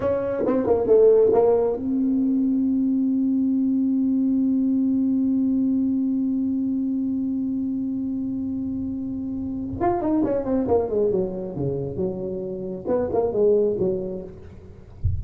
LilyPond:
\new Staff \with { instrumentName = "tuba" } { \time 4/4 \tempo 4 = 135 cis'4 c'8 ais8 a4 ais4 | c'1~ | c'1~ | c'1~ |
c'1~ | c'2 f'8 dis'8 cis'8 c'8 | ais8 gis8 fis4 cis4 fis4~ | fis4 b8 ais8 gis4 fis4 | }